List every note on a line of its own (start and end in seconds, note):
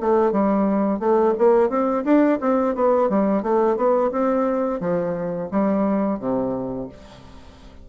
0.00 0.32 A3
0.32 0.99 G3
0.99 1.34 A3
1.38 1.69 A#3
1.69 2.04 C4
2.04 2.39 D4
2.40 2.75 C4
2.75 3.09 B3
3.09 3.42 G3
3.42 3.76 A3
3.76 4.11 B3
4.11 4.80 C4
4.80 5.49 F3
5.51 6.19 G3
6.19 6.88 C3